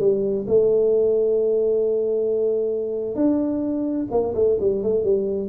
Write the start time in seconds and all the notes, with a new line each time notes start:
0.00 G3
0.47 A3
3.16 D4
4.11 A#3
4.34 A3
4.60 G3
4.83 A3
5.04 G3